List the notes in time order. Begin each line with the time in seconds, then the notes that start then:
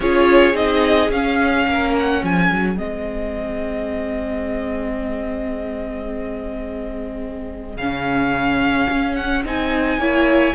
0.00 C#4 F4 G#4 C#5
0.53 C4 D#4 D#5
1.10 C#4 F5
1.66 A#3 A#4
1.98 F#5
2.21 F3 G#4 G#5
2.51 F#3
2.77 G#3 C4 D#5
7.75 C#3 C#4 F5
8.90 C#4
9.15 F#5
9.45 C4 D#4 G#5
9.98 A#3 E4 C#5